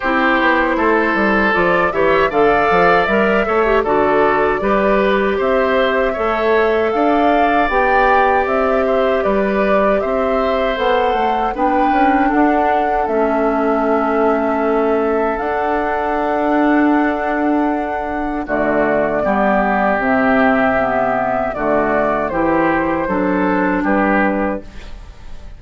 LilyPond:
<<
  \new Staff \with { instrumentName = "flute" } { \time 4/4 \tempo 4 = 78 c''2 d''8 e''8 f''4 | e''4 d''2 e''4~ | e''4 f''4 g''4 e''4 | d''4 e''4 fis''4 g''4 |
fis''4 e''2. | fis''1 | d''2 e''2 | d''4 c''2 b'4 | }
  \new Staff \with { instrumentName = "oboe" } { \time 4/4 g'4 a'4. cis''8 d''4~ | d''8 cis''8 a'4 b'4 c''4 | cis''4 d''2~ d''8 c''8 | b'4 c''2 b'4 |
a'1~ | a'1 | fis'4 g'2. | fis'4 g'4 a'4 g'4 | }
  \new Staff \with { instrumentName = "clarinet" } { \time 4/4 e'2 f'8 g'8 a'4 | ais'8 a'16 g'16 fis'4 g'2 | a'2 g'2~ | g'2 a'4 d'4~ |
d'4 cis'2. | d'1 | a4 b4 c'4 b4 | a4 e'4 d'2 | }
  \new Staff \with { instrumentName = "bassoon" } { \time 4/4 c'8 b8 a8 g8 f8 e8 d8 f8 | g8 a8 d4 g4 c'4 | a4 d'4 b4 c'4 | g4 c'4 b8 a8 b8 cis'8 |
d'4 a2. | d'1 | d4 g4 c2 | d4 e4 fis4 g4 | }
>>